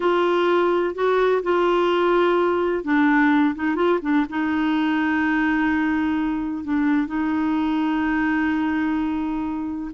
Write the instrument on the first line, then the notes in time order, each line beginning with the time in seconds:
clarinet
0.00 F4
0.94 F#4
1.43 F4
2.84 D4
3.55 D#4
3.75 F4
4.02 D4
4.29 D#4
6.64 D4
7.07 D#4